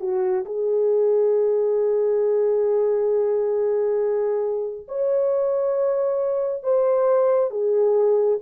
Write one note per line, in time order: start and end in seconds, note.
0.00 0.44 F#4
0.45 4.86 G#4
4.88 6.63 C#5
6.63 7.50 C5
7.50 8.38 G#4